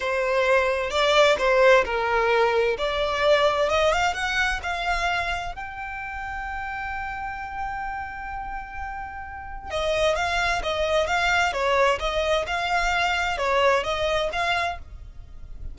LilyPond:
\new Staff \with { instrumentName = "violin" } { \time 4/4 \tempo 4 = 130 c''2 d''4 c''4 | ais'2 d''2 | dis''8 f''8 fis''4 f''2 | g''1~ |
g''1~ | g''4 dis''4 f''4 dis''4 | f''4 cis''4 dis''4 f''4~ | f''4 cis''4 dis''4 f''4 | }